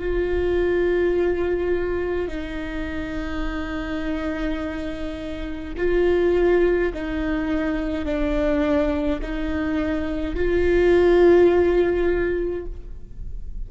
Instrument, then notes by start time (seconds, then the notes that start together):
viola
0.00 F4
2.28 D#4
5.78 F4
6.94 D#4
8.06 D4
9.22 D#4
10.36 F4